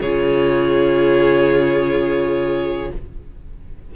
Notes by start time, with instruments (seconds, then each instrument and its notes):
0.00 cello C#3, viola F4, violin G#4 C#5